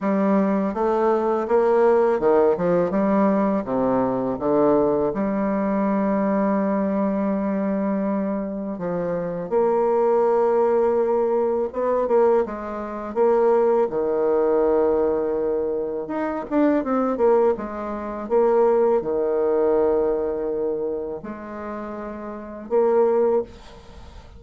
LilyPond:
\new Staff \with { instrumentName = "bassoon" } { \time 4/4 \tempo 4 = 82 g4 a4 ais4 dis8 f8 | g4 c4 d4 g4~ | g1 | f4 ais2. |
b8 ais8 gis4 ais4 dis4~ | dis2 dis'8 d'8 c'8 ais8 | gis4 ais4 dis2~ | dis4 gis2 ais4 | }